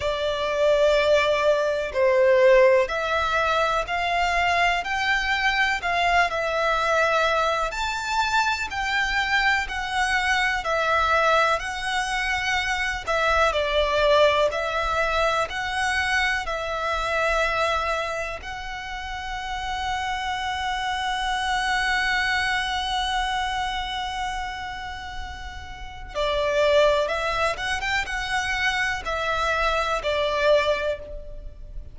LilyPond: \new Staff \with { instrumentName = "violin" } { \time 4/4 \tempo 4 = 62 d''2 c''4 e''4 | f''4 g''4 f''8 e''4. | a''4 g''4 fis''4 e''4 | fis''4. e''8 d''4 e''4 |
fis''4 e''2 fis''4~ | fis''1~ | fis''2. d''4 | e''8 fis''16 g''16 fis''4 e''4 d''4 | }